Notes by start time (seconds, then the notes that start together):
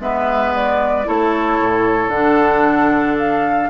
0.00 G#3 B3 B4 E5
0.55 D5
1.04 A3 E4 A4 C#5
1.60 A2
2.09 D3 D4 F#5
3.18 F5